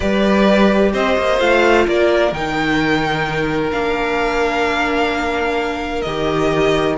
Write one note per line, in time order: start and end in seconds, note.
0.00 0.93 G3
0.00 1.39 G4
0.00 0.91 B4
0.00 0.93 D5
0.93 1.16 C4
0.93 1.86 C5
0.93 1.39 D#5
1.18 1.40 A#3
1.39 1.86 A3
1.39 2.32 F4
1.39 1.86 F5
1.86 2.32 A#3
1.86 6.97 A#4
1.86 2.33 D5
2.32 3.71 D#3
2.32 3.72 D#4
2.32 3.71 G5
3.71 6.05 A#3
3.71 6.05 D4
3.71 6.01 F5
6.01 6.97 D#3
6.01 6.97 G4
6.01 6.94 D#5